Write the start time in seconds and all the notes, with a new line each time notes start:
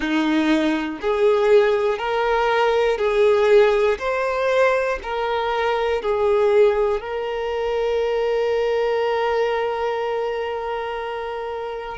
0.00 D#4
1.00 G#4
1.98 A#4
2.97 G#4
3.99 C5
5.02 A#4
6.02 G#4
7.00 A#4